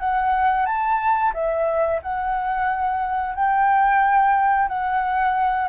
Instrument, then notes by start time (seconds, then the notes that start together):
flute
0.00 F#5
0.66 A5
1.34 E5
2.02 F#5
3.35 G5
4.68 F#5